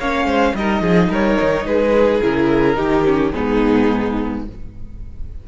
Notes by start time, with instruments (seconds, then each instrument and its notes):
0.00 cello A#3, viola C#4, violin C#5 F5
0.26 cello G#3, violin C5
0.55 cello G3, viola D#4, violin A#4 D#5
0.81 cello F3, violin G#4
1.09 cello G3, violin A#4 C#5
1.42 cello D#3
1.66 cello G#3, violin G#4 B4
2.23 cello C#3, viola E4, violin A#4
2.76 cello D#3, viola D#4, violin G4
3.05 viola C#4
3.32 cello G#2, viola B3, violin D#4 G#4